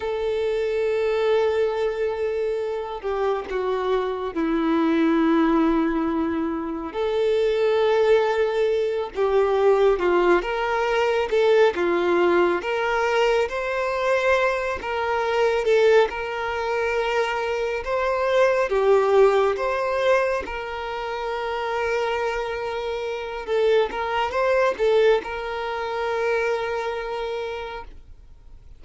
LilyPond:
\new Staff \with { instrumentName = "violin" } { \time 4/4 \tempo 4 = 69 a'2.~ a'8 g'8 | fis'4 e'2. | a'2~ a'8 g'4 f'8 | ais'4 a'8 f'4 ais'4 c''8~ |
c''4 ais'4 a'8 ais'4.~ | ais'8 c''4 g'4 c''4 ais'8~ | ais'2. a'8 ais'8 | c''8 a'8 ais'2. | }